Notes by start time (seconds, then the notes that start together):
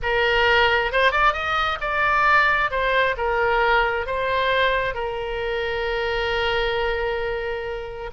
0.02 A#4
0.91 C5
1.11 D5
1.33 D#5
1.80 D5
2.70 C5
3.17 A#4
4.06 C5
4.94 A#4